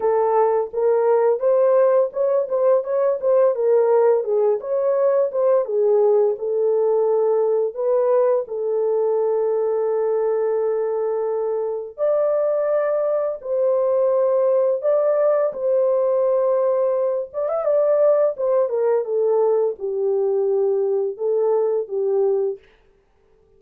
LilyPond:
\new Staff \with { instrumentName = "horn" } { \time 4/4 \tempo 4 = 85 a'4 ais'4 c''4 cis''8 c''8 | cis''8 c''8 ais'4 gis'8 cis''4 c''8 | gis'4 a'2 b'4 | a'1~ |
a'4 d''2 c''4~ | c''4 d''4 c''2~ | c''8 d''16 e''16 d''4 c''8 ais'8 a'4 | g'2 a'4 g'4 | }